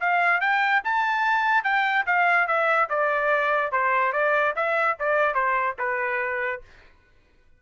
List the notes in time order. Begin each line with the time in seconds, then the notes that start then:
0.00 F5
0.40 G5
0.84 A5
1.64 G5
2.06 F5
2.47 E5
2.89 D5
3.72 C5
4.13 D5
4.56 E5
4.99 D5
5.34 C5
5.79 B4